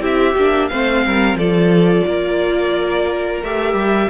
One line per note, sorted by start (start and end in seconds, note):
0.00 0.34 C4
0.00 0.34 E4
0.00 0.70 G4
0.00 0.68 E5
0.36 0.70 A#3
0.36 0.71 D4
0.68 1.06 A3
0.68 1.39 C4
0.68 1.04 C5
0.68 1.37 F5
1.06 1.35 G3
1.06 1.38 A#4
1.35 2.03 F3
1.35 3.44 F4
1.35 2.07 A4
1.35 3.42 D5
2.07 3.42 A#3
2.07 4.09 A#4
3.42 3.73 A3
3.42 4.09 G4
3.42 4.09 E5
3.73 4.08 G3